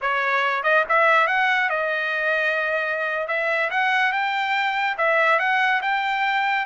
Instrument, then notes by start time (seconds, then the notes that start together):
trumpet
0.01 C#5
0.63 D#5
0.88 E5
1.27 F#5
1.69 D#5
3.27 E5
3.70 F#5
4.12 G5
4.97 E5
5.39 F#5
5.82 G5